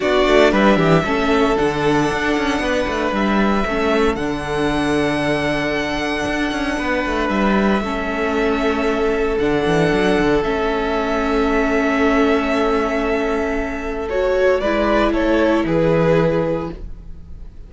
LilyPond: <<
  \new Staff \with { instrumentName = "violin" } { \time 4/4 \tempo 4 = 115 d''4 e''2 fis''4~ | fis''2 e''2 | fis''1~ | fis''2 e''2~ |
e''2 fis''2 | e''1~ | e''2. cis''4 | d''4 cis''4 b'2 | }
  \new Staff \with { instrumentName = "violin" } { \time 4/4 fis'4 b'8 g'8 a'2~ | a'4 b'2 a'4~ | a'1~ | a'4 b'2 a'4~ |
a'1~ | a'1~ | a'1 | b'4 a'4 gis'2 | }
  \new Staff \with { instrumentName = "viola" } { \time 4/4 d'2 cis'4 d'4~ | d'2. cis'4 | d'1~ | d'2. cis'4~ |
cis'2 d'2 | cis'1~ | cis'2. fis'4 | e'1 | }
  \new Staff \with { instrumentName = "cello" } { \time 4/4 b8 a8 g8 e8 a4 d4 | d'8 cis'8 b8 a8 g4 a4 | d1 | d'8 cis'8 b8 a8 g4 a4~ |
a2 d8 e8 fis8 d8 | a1~ | a1 | gis4 a4 e2 | }
>>